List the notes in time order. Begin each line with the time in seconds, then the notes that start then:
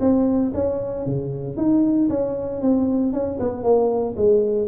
0.00 C4
0.54 C#4
1.06 C#3
1.57 D#4
2.09 C#4
2.62 C4
3.13 C#4
3.40 B3
3.63 A#3
4.17 G#3